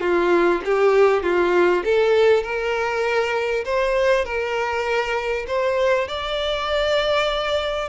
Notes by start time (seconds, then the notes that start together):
0.00 F4
0.64 G4
1.23 F4
1.84 A4
2.43 A#4
3.64 C5
4.24 A#4
5.47 C5
6.07 D5